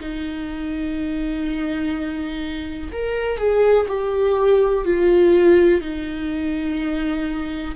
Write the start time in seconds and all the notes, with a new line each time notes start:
0.00 D#4
2.92 A#4
3.37 G#4
3.88 G4
4.85 F4
5.81 D#4